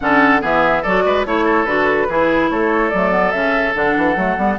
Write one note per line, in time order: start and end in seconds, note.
0.00 0.42 D3
0.00 0.40 C#4
0.00 0.41 A4
0.00 0.42 F#5
0.40 0.84 E3
0.40 0.82 B3
0.40 0.82 G#4
0.40 0.83 E5
0.82 1.05 F#3
0.82 1.25 F#4
0.82 1.03 A4
0.82 1.25 D5
1.05 1.25 G#3
1.05 1.26 B4
1.25 1.65 A3
1.25 1.67 E4
1.25 1.65 C#5
1.25 1.44 C#5
1.44 2.07 A4
1.65 2.07 D3
1.65 2.08 F#4
1.65 2.48 B4
2.08 2.50 E3
2.08 2.92 E4
2.08 2.50 G#4
2.50 2.92 A3
2.50 4.59 A4
2.50 2.89 C#5
2.89 3.33 F#3
2.89 3.11 A3
2.89 3.31 D5
3.11 3.32 B3
3.31 3.75 C#3
3.31 3.74 C#4
3.31 3.72 E5
3.74 3.96 D3
3.74 4.16 D4
3.74 4.59 F#5
3.96 4.16 E3
4.16 4.36 F#3
4.16 4.37 A3
4.37 4.58 G3
4.37 4.58 B3